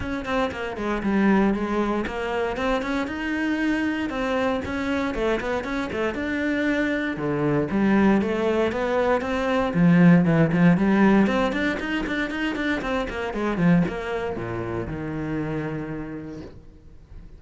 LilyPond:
\new Staff \with { instrumentName = "cello" } { \time 4/4 \tempo 4 = 117 cis'8 c'8 ais8 gis8 g4 gis4 | ais4 c'8 cis'8 dis'2 | c'4 cis'4 a8 b8 cis'8 a8 | d'2 d4 g4 |
a4 b4 c'4 f4 | e8 f8 g4 c'8 d'8 dis'8 d'8 | dis'8 d'8 c'8 ais8 gis8 f8 ais4 | ais,4 dis2. | }